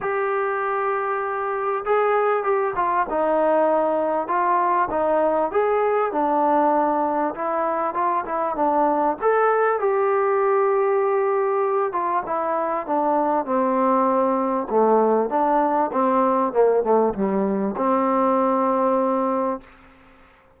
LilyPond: \new Staff \with { instrumentName = "trombone" } { \time 4/4 \tempo 4 = 98 g'2. gis'4 | g'8 f'8 dis'2 f'4 | dis'4 gis'4 d'2 | e'4 f'8 e'8 d'4 a'4 |
g'2.~ g'8 f'8 | e'4 d'4 c'2 | a4 d'4 c'4 ais8 a8 | g4 c'2. | }